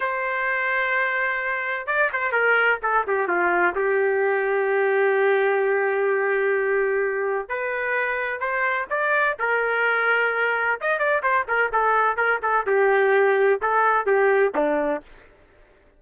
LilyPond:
\new Staff \with { instrumentName = "trumpet" } { \time 4/4 \tempo 4 = 128 c''1 | d''8 c''8 ais'4 a'8 g'8 f'4 | g'1~ | g'1 |
b'2 c''4 d''4 | ais'2. dis''8 d''8 | c''8 ais'8 a'4 ais'8 a'8 g'4~ | g'4 a'4 g'4 d'4 | }